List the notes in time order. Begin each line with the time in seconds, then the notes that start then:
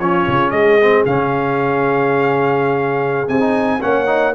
0.00 F3 C#4 F4 C#5
0.28 C#3
0.51 G#3 G#4 D#5
0.82 C4
1.06 C#3 C#4 F5
3.27 C3 C4 G#5
3.40 D#4
3.81 A#3 C#4 C#5 F#5
4.07 D#4